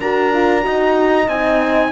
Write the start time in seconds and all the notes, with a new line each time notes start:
0.00 D4 F#4 A#4 A#5
0.33 F4
0.61 F#4 D#5
0.67 D#4
1.28 C4 D#4 G#5